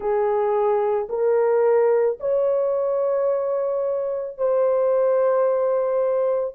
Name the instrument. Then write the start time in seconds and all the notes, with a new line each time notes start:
horn
0.00 G#4
1.09 A#4
2.20 C#5
4.37 C5